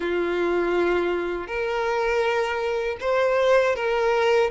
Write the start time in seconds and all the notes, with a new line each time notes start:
0.00 F4
1.47 A#4
3.00 C5
3.75 A#4